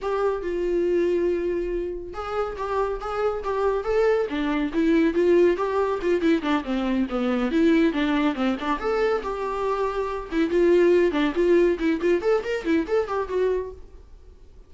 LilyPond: \new Staff \with { instrumentName = "viola" } { \time 4/4 \tempo 4 = 140 g'4 f'2.~ | f'4 gis'4 g'4 gis'4 | g'4 a'4 d'4 e'4 | f'4 g'4 f'8 e'8 d'8 c'8~ |
c'8 b4 e'4 d'4 c'8 | d'8 a'4 g'2~ g'8 | e'8 f'4. d'8 f'4 e'8 | f'8 a'8 ais'8 e'8 a'8 g'8 fis'4 | }